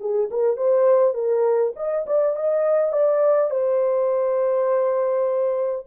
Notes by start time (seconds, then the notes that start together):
0.00 G#4
0.31 A#4
0.57 C5
1.14 A#4
1.76 D#5
2.07 D5
2.36 D#5
2.93 D5
3.51 C5